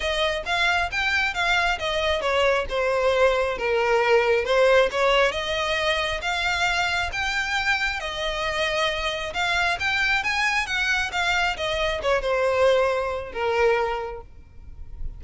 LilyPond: \new Staff \with { instrumentName = "violin" } { \time 4/4 \tempo 4 = 135 dis''4 f''4 g''4 f''4 | dis''4 cis''4 c''2 | ais'2 c''4 cis''4 | dis''2 f''2 |
g''2 dis''2~ | dis''4 f''4 g''4 gis''4 | fis''4 f''4 dis''4 cis''8 c''8~ | c''2 ais'2 | }